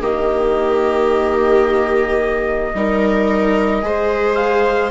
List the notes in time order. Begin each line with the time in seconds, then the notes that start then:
0.00 D#3 A#3 G4 D#5
2.74 G3 D#4 A#4
3.81 G#3 G#4 C5
4.34 F5